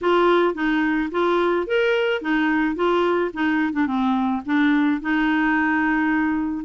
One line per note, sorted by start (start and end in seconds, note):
0.01 0.54 F4
0.54 1.09 D#4
1.11 1.66 F4
1.66 2.21 A#4
2.21 2.75 D#4
2.75 3.31 F4
3.33 3.72 D#4
3.72 3.86 D4
3.87 4.42 C4
4.45 5.01 D4
5.01 6.65 D#4